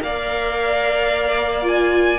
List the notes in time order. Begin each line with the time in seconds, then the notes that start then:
0.00 A#3 A#4 D5 F5
1.62 F4 G#5